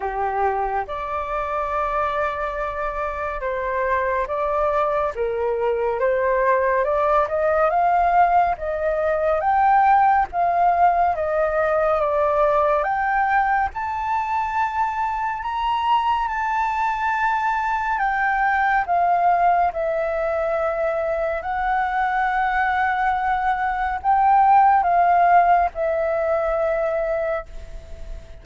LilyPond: \new Staff \with { instrumentName = "flute" } { \time 4/4 \tempo 4 = 70 g'4 d''2. | c''4 d''4 ais'4 c''4 | d''8 dis''8 f''4 dis''4 g''4 | f''4 dis''4 d''4 g''4 |
a''2 ais''4 a''4~ | a''4 g''4 f''4 e''4~ | e''4 fis''2. | g''4 f''4 e''2 | }